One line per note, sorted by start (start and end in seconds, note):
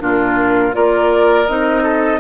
0.00 0.75 A#2
0.00 0.73 D4
0.00 0.76 F4
0.00 0.75 A#4
0.73 1.49 A#3
0.73 1.46 F4
0.73 1.83 A#4
0.73 1.48 D5
1.48 2.21 C4
1.48 2.21 D#4
1.48 2.21 D#5
1.83 2.20 A4